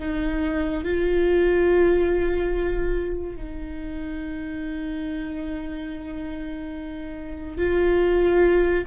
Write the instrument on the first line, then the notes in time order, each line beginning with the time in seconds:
viola
0.00 D#4
0.84 F4
3.37 D#4
7.58 F4